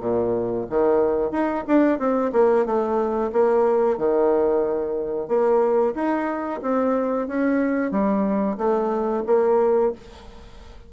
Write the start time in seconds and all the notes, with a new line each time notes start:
0.00 A#2
0.70 D#3
1.32 D#4
1.68 D4
1.99 C4
2.33 A#3
2.66 A3
3.33 A#3
3.98 D#3
5.28 A#3
5.95 D#4
6.62 C4
7.28 C#4
7.92 G3
8.58 A3
9.26 A#3